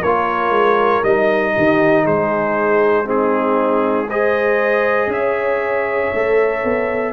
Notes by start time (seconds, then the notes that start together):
0.00 A#3 F4 A#4 C#5
0.50 G#3
1.03 G3 D#4 D#5
1.54 D#3 G4
2.03 G#3 G#4 C5
3.05 C4 D#4 G#4
4.08 G#4 C5 D#5
5.07 C#4 C#5 E5
6.14 A3 A4
6.64 B3